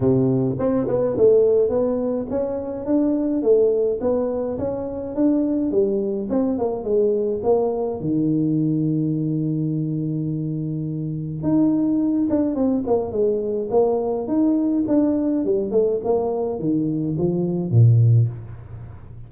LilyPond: \new Staff \with { instrumentName = "tuba" } { \time 4/4 \tempo 4 = 105 c4 c'8 b8 a4 b4 | cis'4 d'4 a4 b4 | cis'4 d'4 g4 c'8 ais8 | gis4 ais4 dis2~ |
dis1 | dis'4. d'8 c'8 ais8 gis4 | ais4 dis'4 d'4 g8 a8 | ais4 dis4 f4 ais,4 | }